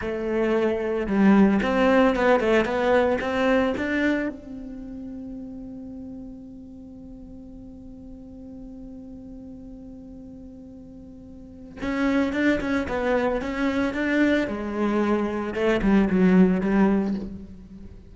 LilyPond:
\new Staff \with { instrumentName = "cello" } { \time 4/4 \tempo 4 = 112 a2 g4 c'4 | b8 a8 b4 c'4 d'4 | c'1~ | c'1~ |
c'1~ | c'2 cis'4 d'8 cis'8 | b4 cis'4 d'4 gis4~ | gis4 a8 g8 fis4 g4 | }